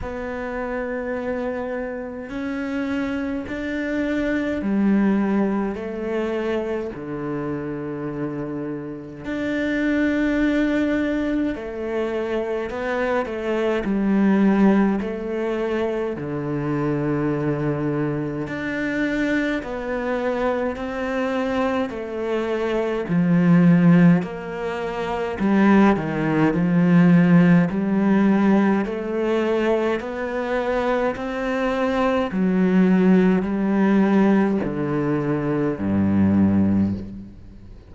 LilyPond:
\new Staff \with { instrumentName = "cello" } { \time 4/4 \tempo 4 = 52 b2 cis'4 d'4 | g4 a4 d2 | d'2 a4 b8 a8 | g4 a4 d2 |
d'4 b4 c'4 a4 | f4 ais4 g8 dis8 f4 | g4 a4 b4 c'4 | fis4 g4 d4 g,4 | }